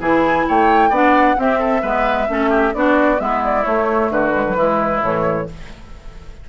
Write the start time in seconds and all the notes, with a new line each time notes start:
0.00 E3 E4 G#4 G#5
0.48 A3 C#5 G5
0.90 B3 D4 D5 F#5
1.37 C4 G4 E5
1.58 A4
1.82 G#3 B3 B4
2.28 A3 C#4 A4
2.49 G4
2.74 B3 D4 F#4 D5
3.18 G#3 B3 E4 E5
3.44 D5
3.64 A3 C#5
4.10 D3 F#4 B4
4.34 G#3
4.47 F#3
4.55 E3 G#3 E4
5.02 A2 E3 C#5